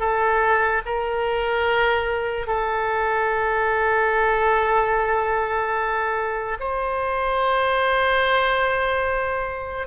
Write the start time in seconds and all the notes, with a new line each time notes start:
0.00 A4
0.86 A#4
2.47 A4
6.60 C5